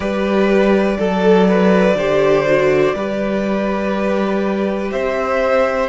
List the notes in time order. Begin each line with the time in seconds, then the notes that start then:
0.00 G3 G4 B4 D5
0.98 F#3 A4
1.48 B4
1.94 D3 G4 C5
2.45 F#4
2.95 G3 G4 B4
4.91 C4 C5 E5